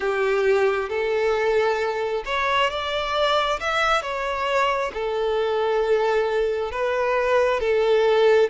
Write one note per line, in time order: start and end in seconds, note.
0.00 0.89 G4
0.89 2.23 A4
2.25 2.69 C#5
2.69 3.59 D5
3.60 4.01 E5
4.01 4.91 C#5
4.93 6.71 A4
6.71 7.60 B4
7.60 8.49 A4